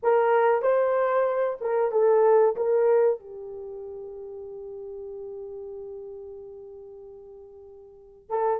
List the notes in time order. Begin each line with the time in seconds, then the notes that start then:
0.02 A#4
0.62 C5
1.60 A#4
1.91 A4
2.56 A#4
3.19 G4
8.29 A4